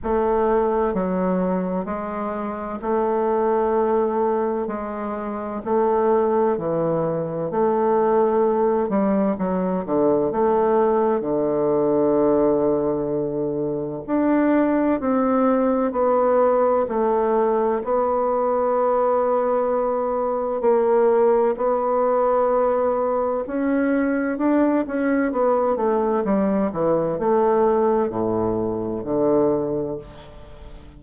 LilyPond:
\new Staff \with { instrumentName = "bassoon" } { \time 4/4 \tempo 4 = 64 a4 fis4 gis4 a4~ | a4 gis4 a4 e4 | a4. g8 fis8 d8 a4 | d2. d'4 |
c'4 b4 a4 b4~ | b2 ais4 b4~ | b4 cis'4 d'8 cis'8 b8 a8 | g8 e8 a4 a,4 d4 | }